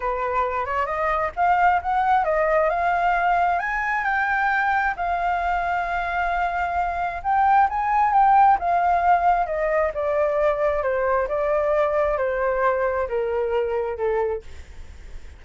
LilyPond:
\new Staff \with { instrumentName = "flute" } { \time 4/4 \tempo 4 = 133 b'4. cis''8 dis''4 f''4 | fis''4 dis''4 f''2 | gis''4 g''2 f''4~ | f''1 |
g''4 gis''4 g''4 f''4~ | f''4 dis''4 d''2 | c''4 d''2 c''4~ | c''4 ais'2 a'4 | }